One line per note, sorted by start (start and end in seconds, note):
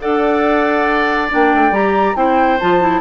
0.00 1.33 D4
0.00 1.29 A4
0.00 2.17 D5
0.00 1.29 F#5
1.29 1.54 A#3
1.29 1.72 D4
1.29 1.74 G5
1.54 1.71 A3
1.71 2.14 G3
1.71 2.15 G4
1.71 2.16 A#5
2.15 2.59 C4
2.15 2.59 E4
2.15 3.01 C5
2.15 2.59 G5
2.59 3.01 F3
2.59 2.81 F4
2.59 3.01 A5
2.81 3.01 E4